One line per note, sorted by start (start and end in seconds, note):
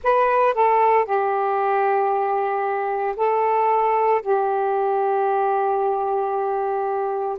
0.03 0.54 B4
0.54 1.05 A4
1.05 3.15 G4
3.16 4.21 A4
4.22 7.37 G4